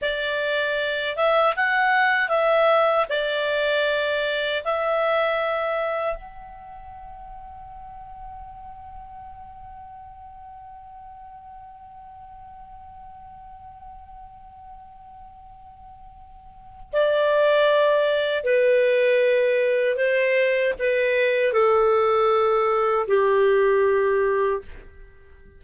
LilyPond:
\new Staff \with { instrumentName = "clarinet" } { \time 4/4 \tempo 4 = 78 d''4. e''8 fis''4 e''4 | d''2 e''2 | fis''1~ | fis''1~ |
fis''1~ | fis''2 d''2 | b'2 c''4 b'4 | a'2 g'2 | }